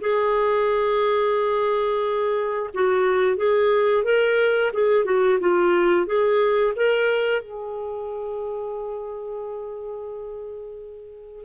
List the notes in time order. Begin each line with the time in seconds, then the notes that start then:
0.00 G#4
2.74 F#4
3.36 G#4
4.04 A#4
4.73 G#4
5.05 F#4
5.40 F4
6.06 G#4
6.76 A#4
7.41 G#4